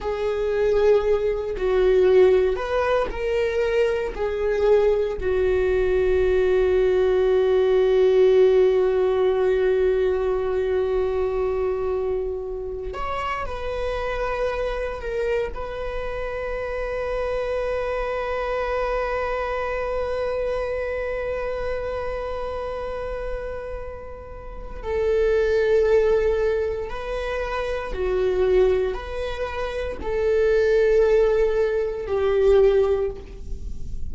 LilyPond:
\new Staff \with { instrumentName = "viola" } { \time 4/4 \tempo 4 = 58 gis'4. fis'4 b'8 ais'4 | gis'4 fis'2.~ | fis'1~ | fis'8 cis''8 b'4. ais'8 b'4~ |
b'1~ | b'1 | a'2 b'4 fis'4 | b'4 a'2 g'4 | }